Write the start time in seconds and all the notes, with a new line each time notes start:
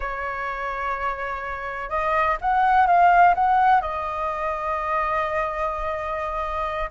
0.00 C#5
1.89 D#5
2.41 F#5
2.87 F5
3.34 F#5
3.81 D#5